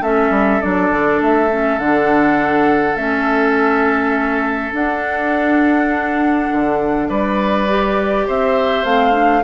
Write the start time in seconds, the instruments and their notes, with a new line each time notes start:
0.00 bassoon A3, clarinet C#4, oboe A4, flute E5
0.30 bassoon G3
0.61 bassoon F#3, clarinet D4, flute D5
0.90 bassoon D3
1.21 bassoon A3, flute E5
1.50 clarinet C#4
1.79 bassoon D3, clarinet D4, flute F#5
2.96 bassoon A3, clarinet C#4, flute E5
4.73 bassoon D4, clarinet D4, flute F#5
6.52 bassoon D3
7.09 bassoon G3, oboe B4, flute D5
7.69 clarinet G4
8.27 bassoon C4, oboe C5, flute E5
8.84 bassoon A3, clarinet C4, flute F5
9.12 clarinet D4